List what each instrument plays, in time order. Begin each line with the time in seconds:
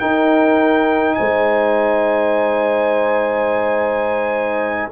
0.00 trombone D#4, tuba D#4, horn A#4, trumpet G5
1.15 tuba G#3, horn C5, trumpet G#5